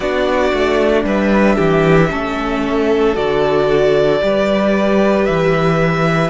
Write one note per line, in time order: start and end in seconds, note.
0.00 0.52 B3
0.00 2.10 D4
0.00 1.04 F#4
0.00 1.03 D5
0.53 1.04 A3
1.04 1.57 G3
1.04 1.55 B4
1.04 3.16 E5
1.55 2.11 E3
1.55 2.08 G4
2.10 3.16 A3
2.10 3.14 C#4
2.10 4.21 A4
3.14 4.21 D3
3.14 4.19 F#4
3.14 5.25 D5
4.20 5.27 G3
4.20 6.30 G4
4.20 6.30 B4
5.25 6.30 E3
5.25 6.30 E5